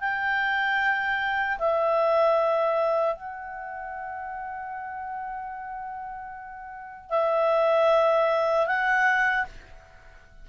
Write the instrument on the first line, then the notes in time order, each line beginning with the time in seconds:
clarinet
0.00 G5
1.58 E5
3.15 F#5
7.09 E5
8.66 F#5